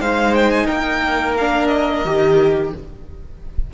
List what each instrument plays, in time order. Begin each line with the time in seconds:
0.00 cello G#3, viola D#4, violin C5 F5
0.35 violin G5
0.51 violin G#5
0.66 cello A#3, violin A#4 G5
1.37 viola D4, violin F5
1.67 violin D#5
2.05 cello D#3, viola G4